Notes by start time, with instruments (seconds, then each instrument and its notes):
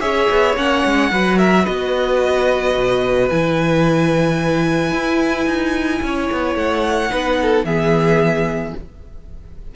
0.00 cello C#4, viola G#4, violin C#5 E5
0.30 cello B3
0.56 cello A#3, viola C#4, violin F#5
0.85 cello G#3
1.11 cello F#3, viola F#4, violin B4
1.38 violin A#4 E5
1.64 cello B3, violin B4 D#5
2.75 cello B2
3.29 cello E3, viola E4, violin G#5
4.91 cello E4
5.46 cello D#4
6.02 cello C#4, violin C#5
6.31 cello B3
6.55 cello A3, violin F#5
7.10 cello B3, viola D#4, violin B4
7.41 violin A4
7.64 cello E3, viola B3, violin G#4 E5